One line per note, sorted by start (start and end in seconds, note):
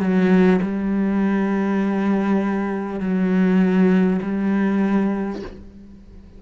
0.00 0.60 F#3
0.62 3.01 G3
3.01 4.21 F#3
4.22 5.42 G3